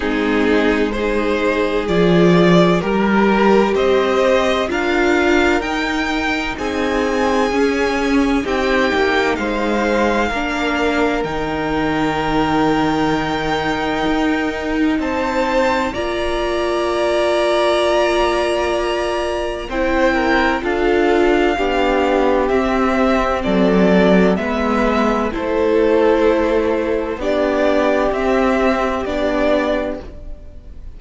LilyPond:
<<
  \new Staff \with { instrumentName = "violin" } { \time 4/4 \tempo 4 = 64 gis'4 c''4 d''4 ais'4 | dis''4 f''4 g''4 gis''4~ | gis''4 g''4 f''2 | g''1 |
a''4 ais''2.~ | ais''4 g''4 f''2 | e''4 d''4 e''4 c''4~ | c''4 d''4 e''4 d''4 | }
  \new Staff \with { instrumentName = "violin" } { \time 4/4 dis'4 gis'2 ais'4 | c''4 ais'2 gis'4~ | gis'4 g'4 c''4 ais'4~ | ais'1 |
c''4 d''2.~ | d''4 c''8 ais'8 a'4 g'4~ | g'4 a'4 b'4 a'4~ | a'4 g'2. | }
  \new Staff \with { instrumentName = "viola" } { \time 4/4 c'4 dis'4 f'4 g'4~ | g'4 f'4 dis'2 | cis'4 dis'2 d'4 | dis'1~ |
dis'4 f'2.~ | f'4 e'4 f'4 d'4 | c'2 b4 e'4~ | e'4 d'4 c'4 d'4 | }
  \new Staff \with { instrumentName = "cello" } { \time 4/4 gis2 f4 g4 | c'4 d'4 dis'4 c'4 | cis'4 c'8 ais8 gis4 ais4 | dis2. dis'4 |
c'4 ais2.~ | ais4 c'4 d'4 b4 | c'4 fis4 gis4 a4~ | a4 b4 c'4 b4 | }
>>